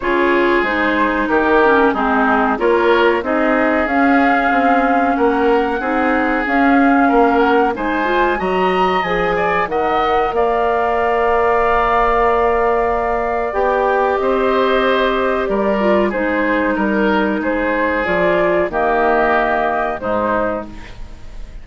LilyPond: <<
  \new Staff \with { instrumentName = "flute" } { \time 4/4 \tempo 4 = 93 cis''4 c''4 ais'4 gis'4 | cis''4 dis''4 f''2 | fis''2 f''4. fis''8 | gis''4 ais''4 gis''4 fis''4 |
f''1~ | f''4 g''4 dis''2 | d''4 c''4 ais'4 c''4 | d''4 dis''2 c''4 | }
  \new Staff \with { instrumentName = "oboe" } { \time 4/4 gis'2 g'4 dis'4 | ais'4 gis'2. | ais'4 gis'2 ais'4 | c''4 dis''4. d''8 dis''4 |
d''1~ | d''2 c''2 | ais'4 gis'4 ais'4 gis'4~ | gis'4 g'2 dis'4 | }
  \new Staff \with { instrumentName = "clarinet" } { \time 4/4 f'4 dis'4. cis'8 c'4 | f'4 dis'4 cis'2~ | cis'4 dis'4 cis'2 | dis'8 f'8 fis'4 gis'4 ais'4~ |
ais'1~ | ais'4 g'2.~ | g'8 f'8 dis'2. | f'4 ais2 gis4 | }
  \new Staff \with { instrumentName = "bassoon" } { \time 4/4 cis4 gis4 dis4 gis4 | ais4 c'4 cis'4 c'4 | ais4 c'4 cis'4 ais4 | gis4 fis4 f4 dis4 |
ais1~ | ais4 b4 c'2 | g4 gis4 g4 gis4 | f4 dis2 gis,4 | }
>>